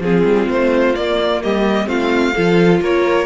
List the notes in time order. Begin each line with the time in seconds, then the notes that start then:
0.00 F3 C4 F4 G#4
0.25 G3
0.49 A3 C5
0.96 A#3 D5
1.43 G3 G4 D#5
1.85 A3 C4 F4 F5
2.34 F3 F4 A4
2.81 A#3 A#4 C#5